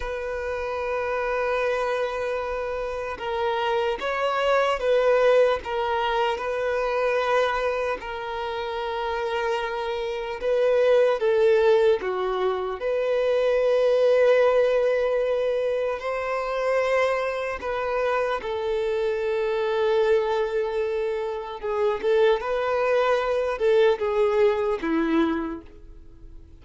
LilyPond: \new Staff \with { instrumentName = "violin" } { \time 4/4 \tempo 4 = 75 b'1 | ais'4 cis''4 b'4 ais'4 | b'2 ais'2~ | ais'4 b'4 a'4 fis'4 |
b'1 | c''2 b'4 a'4~ | a'2. gis'8 a'8 | b'4. a'8 gis'4 e'4 | }